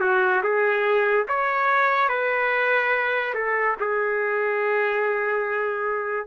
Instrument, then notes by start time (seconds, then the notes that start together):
trumpet
0.00 F#4
0.43 G#4
1.28 C#5
2.09 B4
3.34 A4
3.80 G#4